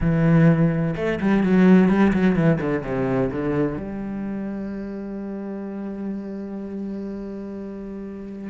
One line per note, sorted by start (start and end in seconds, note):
0.00 0.95 E3
0.96 1.19 A3
1.20 1.43 G3
1.43 1.88 F#3
1.88 2.12 G3
2.13 2.35 F#3
2.35 2.59 E3
2.60 2.83 D3
2.83 3.30 C3
3.31 3.77 D3
3.77 8.49 G3